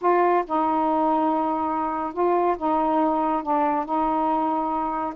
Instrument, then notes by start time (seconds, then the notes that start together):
saxophone
0.01 F4
0.46 D#4
2.13 F4
2.57 D#4
3.43 D4
3.85 D#4